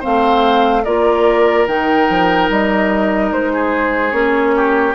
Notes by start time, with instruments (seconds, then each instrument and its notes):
0.00 bassoon A3, clarinet C4, oboe C5, flute F5
0.84 bassoon A#3, clarinet F4, oboe A#4, flute D5
1.67 bassoon D#3, clarinet D#4, flute G5
2.09 bassoon F3
2.50 bassoon G3, flute D#5
3.32 bassoon G#3, flute C5
3.54 oboe G#4
4.11 bassoon A#3, clarinet C#4, flute C#5
4.56 oboe G4